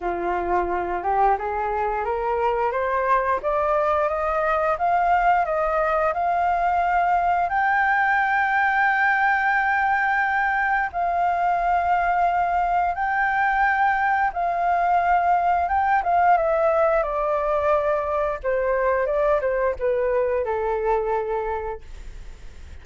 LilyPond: \new Staff \with { instrumentName = "flute" } { \time 4/4 \tempo 4 = 88 f'4. g'8 gis'4 ais'4 | c''4 d''4 dis''4 f''4 | dis''4 f''2 g''4~ | g''1 |
f''2. g''4~ | g''4 f''2 g''8 f''8 | e''4 d''2 c''4 | d''8 c''8 b'4 a'2 | }